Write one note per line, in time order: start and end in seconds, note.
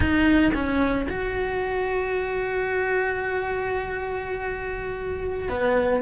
0.00 0.51 D#4
0.54 1.07 C#4
1.09 5.48 F#4
5.48 6.02 B3